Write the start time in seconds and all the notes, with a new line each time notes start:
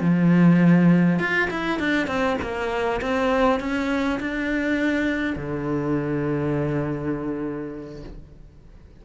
0.00 F3
1.19 F4
1.50 E4
1.79 D4
2.07 C4
2.41 A#3
3.01 C4
3.60 C#4
4.20 D4
5.36 D3